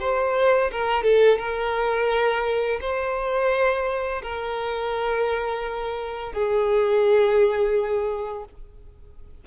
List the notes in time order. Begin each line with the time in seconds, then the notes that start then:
0.00 C5
0.72 A#4
1.03 A4
1.38 A#4
2.81 C5
4.23 A#4
6.33 G#4